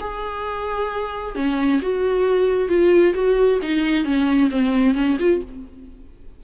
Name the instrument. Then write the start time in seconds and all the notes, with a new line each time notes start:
viola
0.00 G#4
1.35 C#4
1.82 F#4
2.68 F4
3.14 F#4
3.62 D#4
4.05 C#4
4.51 C4
4.95 C#4
5.19 F4